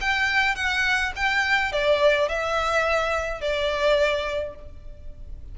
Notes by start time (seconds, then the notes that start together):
0.00 G5
0.55 F#5
1.15 G5
1.72 D5
2.28 E5
3.41 D5